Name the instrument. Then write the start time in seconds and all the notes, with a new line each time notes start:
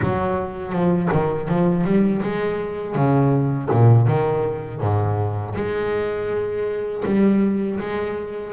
double bass
0.02 F#3
0.72 F3
1.12 D#3
1.48 F3
1.84 G3
2.22 G#3
2.95 C#3
3.70 A#2
4.07 D#3
4.80 G#2
5.55 G#3
7.05 G3
7.79 G#3